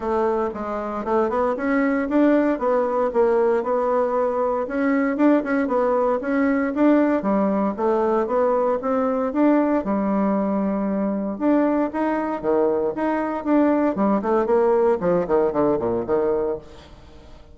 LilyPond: \new Staff \with { instrumentName = "bassoon" } { \time 4/4 \tempo 4 = 116 a4 gis4 a8 b8 cis'4 | d'4 b4 ais4 b4~ | b4 cis'4 d'8 cis'8 b4 | cis'4 d'4 g4 a4 |
b4 c'4 d'4 g4~ | g2 d'4 dis'4 | dis4 dis'4 d'4 g8 a8 | ais4 f8 dis8 d8 ais,8 dis4 | }